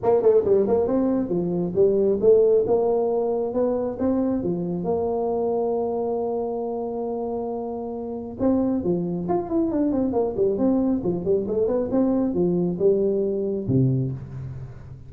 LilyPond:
\new Staff \with { instrumentName = "tuba" } { \time 4/4 \tempo 4 = 136 ais8 a8 g8 ais8 c'4 f4 | g4 a4 ais2 | b4 c'4 f4 ais4~ | ais1~ |
ais2. c'4 | f4 f'8 e'8 d'8 c'8 ais8 g8 | c'4 f8 g8 a8 b8 c'4 | f4 g2 c4 | }